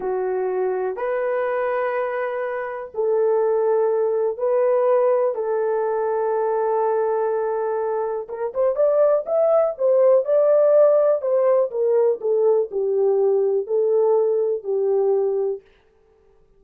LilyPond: \new Staff \with { instrumentName = "horn" } { \time 4/4 \tempo 4 = 123 fis'2 b'2~ | b'2 a'2~ | a'4 b'2 a'4~ | a'1~ |
a'4 ais'8 c''8 d''4 e''4 | c''4 d''2 c''4 | ais'4 a'4 g'2 | a'2 g'2 | }